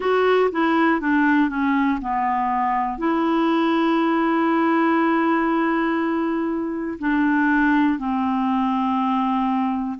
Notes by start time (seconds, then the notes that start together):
0.00 F#4
0.51 E4
1.00 D4
1.49 C#4
2.01 B3
2.98 E4
6.98 D4
7.99 C4